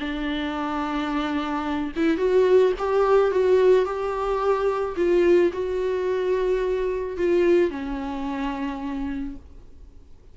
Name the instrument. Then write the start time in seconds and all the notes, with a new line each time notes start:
viola
0.00 D4
1.96 E4
2.18 F#4
2.79 G4
3.32 F#4
3.86 G4
4.97 F4
5.53 F#4
7.18 F4
7.71 C#4